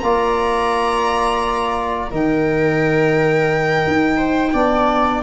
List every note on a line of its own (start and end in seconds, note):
0.00 2.11 A#3
0.00 2.10 F4
0.00 2.11 D5
0.00 2.09 A#5
2.10 3.86 D#3
2.10 4.54 D#4
2.10 4.17 A#4
2.10 5.23 G5
3.87 4.54 D#4
4.17 4.52 C5
4.53 5.23 B3
4.53 5.23 D4
4.53 5.23 D5